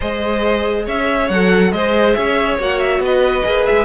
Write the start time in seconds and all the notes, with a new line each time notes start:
0.00 G#3 G#4 C5 D#5
0.85 C#4 C#5 E5
1.29 F#3 A4 F#5
1.72 G#3 G#4 C5 D#5
2.14 C#4 C#5 E5
2.58 A#3 F#4 F#5
2.79 E5
2.99 B3 D#5
3.05 B4
3.44 A#3 G#4
3.66 G#3 E5